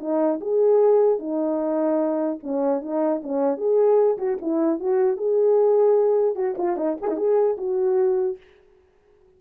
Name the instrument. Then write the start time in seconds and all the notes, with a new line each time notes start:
horn
0.00 D#4
0.41 G#4
1.19 D#4
2.43 C#4
2.81 D#4
3.23 C#4
3.58 G#4
4.18 F#4
4.42 E4
4.80 F#4
5.17 G#4
6.35 F#4
6.58 F4
6.77 D#4
7.02 G#4
7.08 D#4
7.17 G#4
7.58 F#4